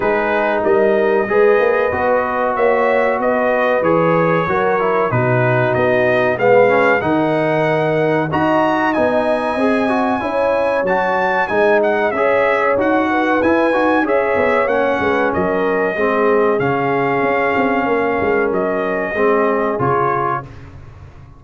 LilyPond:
<<
  \new Staff \with { instrumentName = "trumpet" } { \time 4/4 \tempo 4 = 94 b'4 dis''2. | e''4 dis''4 cis''2 | b'4 dis''4 f''4 fis''4~ | fis''4 ais''4 gis''2~ |
gis''4 a''4 gis''8 fis''8 e''4 | fis''4 gis''4 e''4 fis''4 | dis''2 f''2~ | f''4 dis''2 cis''4 | }
  \new Staff \with { instrumentName = "horn" } { \time 4/4 gis'4 ais'4 b'2 | cis''4 b'2 ais'4 | fis'2 b'4 ais'4~ | ais'4 dis''2. |
cis''2 dis''4 cis''4~ | cis''8 b'4. cis''4. b'8 | ais'4 gis'2. | ais'2 gis'2 | }
  \new Staff \with { instrumentName = "trombone" } { \time 4/4 dis'2 gis'4 fis'4~ | fis'2 gis'4 fis'8 e'8 | dis'2 b8 cis'8 dis'4~ | dis'4 fis'4 dis'4 gis'8 fis'8 |
e'4 fis'4 dis'4 gis'4 | fis'4 e'8 fis'8 gis'4 cis'4~ | cis'4 c'4 cis'2~ | cis'2 c'4 f'4 | }
  \new Staff \with { instrumentName = "tuba" } { \time 4/4 gis4 g4 gis8 ais8 b4 | ais4 b4 e4 fis4 | b,4 b4 gis4 dis4~ | dis4 dis'4 b4 c'4 |
cis'4 fis4 gis4 cis'4 | dis'4 e'8 dis'8 cis'8 b8 ais8 gis8 | fis4 gis4 cis4 cis'8 c'8 | ais8 gis8 fis4 gis4 cis4 | }
>>